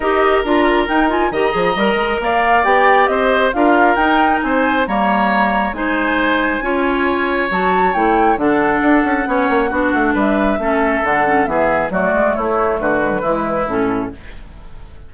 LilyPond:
<<
  \new Staff \with { instrumentName = "flute" } { \time 4/4 \tempo 4 = 136 dis''4 ais''4 g''8 gis''8 ais''4~ | ais''4 f''4 g''4 dis''4 | f''4 g''4 gis''4 ais''4~ | ais''4 gis''2.~ |
gis''4 a''4 g''4 fis''4~ | fis''2. e''4~ | e''4 fis''4 e''4 d''4 | cis''4 b'2 a'4 | }
  \new Staff \with { instrumentName = "oboe" } { \time 4/4 ais'2. dis''4~ | dis''4 d''2 c''4 | ais'2 c''4 cis''4~ | cis''4 c''2 cis''4~ |
cis''2. a'4~ | a'4 cis''4 fis'4 b'4 | a'2 gis'4 fis'4 | e'4 fis'4 e'2 | }
  \new Staff \with { instrumentName = "clarinet" } { \time 4/4 g'4 f'4 dis'8 f'8 g'8 gis'8 | ais'2 g'2 | f'4 dis'2 ais4~ | ais4 dis'2 f'4~ |
f'4 fis'4 e'4 d'4~ | d'4 cis'4 d'2 | cis'4 d'8 cis'8 b4 a4~ | a4. gis16 fis16 gis4 cis'4 | }
  \new Staff \with { instrumentName = "bassoon" } { \time 4/4 dis'4 d'4 dis'4 dis8 f8 | g8 gis8 ais4 b4 c'4 | d'4 dis'4 c'4 g4~ | g4 gis2 cis'4~ |
cis'4 fis4 a4 d4 | d'8 cis'8 b8 ais8 b8 a8 g4 | a4 d4 e4 fis8 gis8 | a4 d4 e4 a,4 | }
>>